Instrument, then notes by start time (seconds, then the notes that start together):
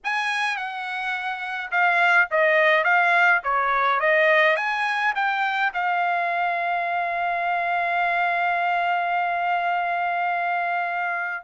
trumpet
0.03 G#5
0.56 F#5
1.71 F5
2.30 D#5
2.84 F5
3.43 C#5
3.99 D#5
4.56 G#5
5.15 G5
5.73 F5